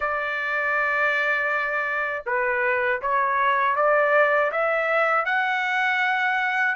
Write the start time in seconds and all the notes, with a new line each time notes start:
0.00 D5
2.26 B4
3.01 C#5
3.76 D5
4.51 E5
5.25 F#5